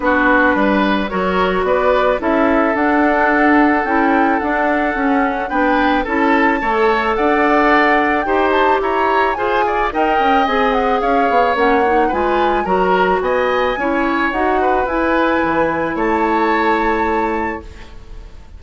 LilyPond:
<<
  \new Staff \with { instrumentName = "flute" } { \time 4/4 \tempo 4 = 109 b'2 cis''4 d''4 | e''4 fis''2 g''4 | fis''2 g''4 a''4~ | a''4 fis''2 g''8 a''8 |
ais''4 gis''4 g''4 gis''8 fis''8 | f''4 fis''4 gis''4 ais''4 | gis''2 fis''4 gis''4~ | gis''4 a''2. | }
  \new Staff \with { instrumentName = "oboe" } { \time 4/4 fis'4 b'4 ais'4 b'4 | a'1~ | a'2 b'4 a'4 | cis''4 d''2 c''4 |
cis''4 c''8 d''8 dis''2 | cis''2 b'4 ais'4 | dis''4 cis''4. b'4.~ | b'4 cis''2. | }
  \new Staff \with { instrumentName = "clarinet" } { \time 4/4 d'2 fis'2 | e'4 d'2 e'4 | d'4 cis'4 d'4 e'4 | a'2. g'4~ |
g'4 gis'4 ais'4 gis'4~ | gis'4 cis'8 dis'8 f'4 fis'4~ | fis'4 e'4 fis'4 e'4~ | e'1 | }
  \new Staff \with { instrumentName = "bassoon" } { \time 4/4 b4 g4 fis4 b4 | cis'4 d'2 cis'4 | d'4 cis'4 b4 cis'4 | a4 d'2 dis'4 |
e'4 f'4 dis'8 cis'8 c'4 | cis'8 b8 ais4 gis4 fis4 | b4 cis'4 dis'4 e'4 | e4 a2. | }
>>